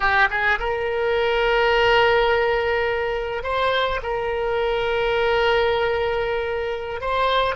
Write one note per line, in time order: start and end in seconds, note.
0.00 0.28 G4
0.30 0.58 G#4
0.59 3.43 A#4
3.43 4.00 C5
4.03 7.01 A#4
7.01 7.55 C5